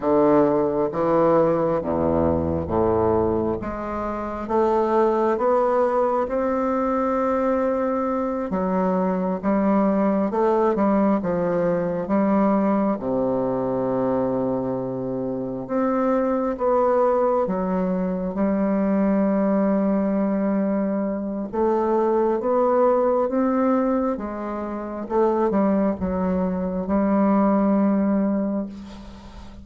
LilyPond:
\new Staff \with { instrumentName = "bassoon" } { \time 4/4 \tempo 4 = 67 d4 e4 e,4 a,4 | gis4 a4 b4 c'4~ | c'4. fis4 g4 a8 | g8 f4 g4 c4.~ |
c4. c'4 b4 fis8~ | fis8 g2.~ g8 | a4 b4 c'4 gis4 | a8 g8 fis4 g2 | }